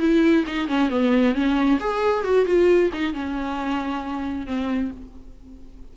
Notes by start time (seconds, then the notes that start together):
0.00 E4
0.47 D#4
0.69 C#4
0.90 B3
1.35 C#4
1.81 G#4
2.25 F#4
2.46 F4
2.93 D#4
3.14 C#4
4.47 C4